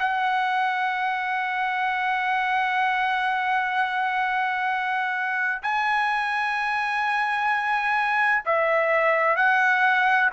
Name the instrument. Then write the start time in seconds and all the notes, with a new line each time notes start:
trumpet
0.00 F#5
5.63 G#5
8.46 E5
9.37 F#5